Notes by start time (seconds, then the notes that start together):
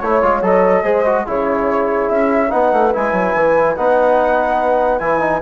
0.00 A3 E4 C#5
0.22 G#3 F4
0.42 F#3 A4 D#5
0.83 G#3 G#4 C5
1.06 F#4
1.26 C#3 E4 G#4 C#5
2.10 C#4 E5
2.49 B3 D#4 B4 F#5
2.73 A3
2.93 G#3 E4 G#5
3.13 F#3
3.35 E3
3.76 B3 D#4 F#5
4.99 E3 E4 G#5
5.20 D#4